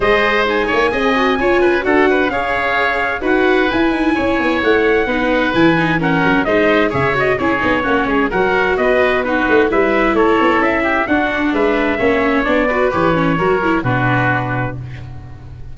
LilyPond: <<
  \new Staff \with { instrumentName = "trumpet" } { \time 4/4 \tempo 4 = 130 dis''4 gis''2. | fis''4 f''2 fis''4 | gis''2 fis''2 | gis''4 fis''4 dis''4 e''8 dis''8 |
cis''2 fis''4 dis''4 | b'4 e''4 cis''4 e''4 | fis''4 e''2 d''4 | cis''2 b'2 | }
  \new Staff \with { instrumentName = "oboe" } { \time 4/4 c''4. cis''8 dis''4 cis''8 b'8 | a'8 b'8 cis''2 b'4~ | b'4 cis''2 b'4~ | b'4 ais'4 c''4 cis''4 |
gis'4 fis'8 gis'8 ais'4 b'4 | fis'4 b'4 a'4. g'8 | fis'4 b'4 cis''4. b'8~ | b'4 ais'4 fis'2 | }
  \new Staff \with { instrumentName = "viola" } { \time 4/4 gis'4 dis'4 gis'8 fis'8 f'4 | fis'4 gis'2 fis'4 | e'2. dis'4 | e'8 dis'8 cis'4 dis'4 gis'8 fis'8 |
e'8 dis'8 cis'4 fis'2 | dis'4 e'2. | d'2 cis'4 d'8 fis'8 | g'8 cis'8 fis'8 e'8 d'2 | }
  \new Staff \with { instrumentName = "tuba" } { \time 4/4 gis4. ais8 c'4 cis'4 | d'4 cis'2 dis'4 | e'8 dis'8 cis'8 b8 a4 b4 | e4. fis8 gis4 cis4 |
cis'8 b8 ais8 gis8 fis4 b4~ | b8 a8 g4 a8 b8 cis'4 | d'4 gis4 ais4 b4 | e4 fis4 b,2 | }
>>